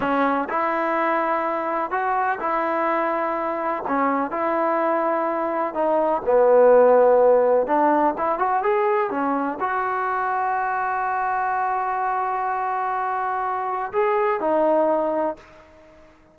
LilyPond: \new Staff \with { instrumentName = "trombone" } { \time 4/4 \tempo 4 = 125 cis'4 e'2. | fis'4 e'2. | cis'4 e'2. | dis'4 b2. |
d'4 e'8 fis'8 gis'4 cis'4 | fis'1~ | fis'1~ | fis'4 gis'4 dis'2 | }